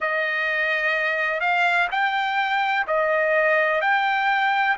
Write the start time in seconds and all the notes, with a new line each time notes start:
0.00 D#5
1.40 F5
1.91 G5
2.87 D#5
3.81 G5